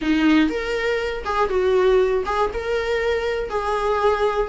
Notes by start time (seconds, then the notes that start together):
0.01 D#4
0.49 A#4
1.24 G#4
1.49 F#4
2.25 G#4
2.53 A#4
3.49 G#4